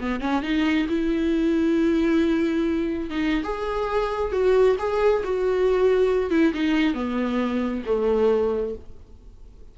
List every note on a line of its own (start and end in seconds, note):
0.00 0.20 B3
0.20 0.42 C#4
0.42 0.87 D#4
0.89 3.10 E4
3.10 3.43 D#4
3.43 4.32 G#4
4.32 4.77 F#4
4.79 5.23 G#4
5.24 6.30 F#4
6.30 6.53 E4
6.54 6.94 D#4
6.94 7.83 B3
7.86 8.75 A3